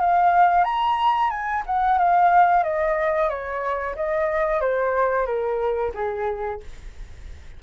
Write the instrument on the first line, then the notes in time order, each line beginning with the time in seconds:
flute
0.00 F5
0.64 A#5
1.30 G#5
1.66 F#5
1.98 F5
2.63 D#5
3.29 C#5
3.96 D#5
4.60 C5
5.26 A#4
5.94 G#4